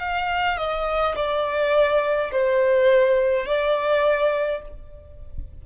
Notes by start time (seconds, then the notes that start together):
0.00 F5
0.58 D#5
1.16 D5
2.32 C5
3.47 D5